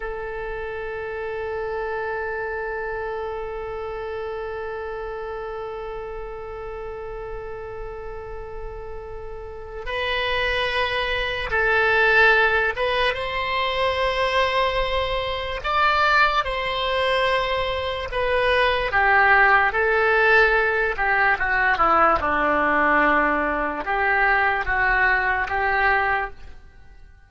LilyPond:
\new Staff \with { instrumentName = "oboe" } { \time 4/4 \tempo 4 = 73 a'1~ | a'1~ | a'1 | b'2 a'4. b'8 |
c''2. d''4 | c''2 b'4 g'4 | a'4. g'8 fis'8 e'8 d'4~ | d'4 g'4 fis'4 g'4 | }